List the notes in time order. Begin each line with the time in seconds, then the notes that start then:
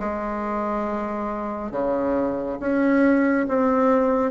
0.00 G#3
1.72 C#3
2.60 C#4
3.49 C4